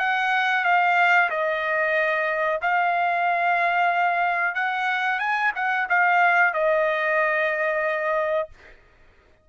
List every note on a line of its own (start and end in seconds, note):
0.00 0.65 F#5
0.65 1.30 F5
1.30 2.61 D#5
2.62 4.55 F5
4.55 5.20 F#5
5.20 5.52 G#5
5.56 5.88 F#5
5.90 6.54 F5
6.54 8.50 D#5